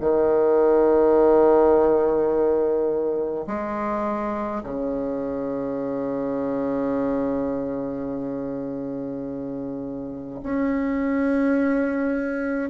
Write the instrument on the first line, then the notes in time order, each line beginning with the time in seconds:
bassoon
0.00 D#3
3.47 G#3
4.64 C#3
10.43 C#4